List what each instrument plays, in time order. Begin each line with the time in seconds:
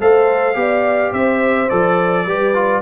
0.00 tuba A3, trombone A4, horn C5, trumpet F5
0.54 tuba B3, trombone G4, horn D5
1.12 tuba C4, horn C5, trumpet E5
1.69 tuba F3, trombone A4, trumpet D5
2.26 tuba G3, trombone G4, horn B4
2.54 trombone F4